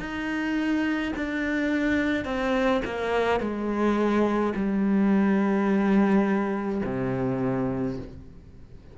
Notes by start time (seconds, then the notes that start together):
0.00 D#4
1.16 D4
2.25 C4
2.85 A#3
3.41 G#3
4.56 G3
6.85 C3